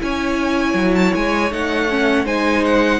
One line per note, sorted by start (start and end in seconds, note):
0.00 0.74 C#4
0.00 1.50 E4
0.00 2.25 C#5
0.00 0.95 G#5
0.74 1.11 F#3
0.95 1.13 A5
1.14 1.51 G#3
1.14 1.52 G#5
1.51 2.25 A3
1.51 1.88 D#4
1.51 2.26 F#5
1.89 2.25 C#4
2.25 2.99 G#3
2.25 2.99 D#4
2.25 2.99 C5
2.25 2.64 G#5
2.65 2.99 F#5